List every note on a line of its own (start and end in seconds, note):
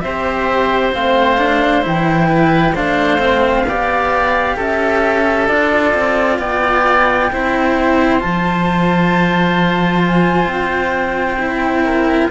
0.00 0.94 C4
0.00 0.92 G4
0.00 2.28 C5
0.00 0.91 E5
0.92 1.85 A3
0.92 1.37 C4
0.92 1.84 F5
1.37 1.82 D4
1.82 2.77 E3
1.82 2.73 E4
1.82 2.76 G5
2.28 2.74 B4
2.74 3.64 A3
2.74 3.18 D4
2.74 3.65 C5
2.74 4.57 F5
3.18 3.64 C4
3.64 4.55 B3
3.64 5.49 G4
3.64 4.56 D5
4.56 5.48 C#4
4.56 6.38 A4
4.56 5.47 E5
5.47 5.93 D4
5.47 7.31 F4
5.47 6.38 D5
5.94 6.38 C4
6.38 7.29 B3
6.38 7.30 D5
6.38 8.20 G5
7.32 8.23 C4
7.32 8.19 E4
7.32 11.85 C5
8.19 10.46 F3
8.19 11.37 F4
8.19 10.02 A5
10.06 10.48 G#5
10.46 12.28 C4
10.46 12.30 G5
11.39 12.30 E4
11.85 12.30 A#4